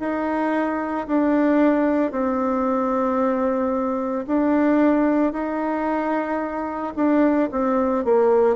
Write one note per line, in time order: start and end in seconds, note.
0.00 1.07 D#4
1.08 2.12 D4
2.12 4.26 C4
4.28 5.33 D4
5.33 6.94 D#4
6.96 7.50 D4
7.52 8.05 C4
8.05 8.56 A#3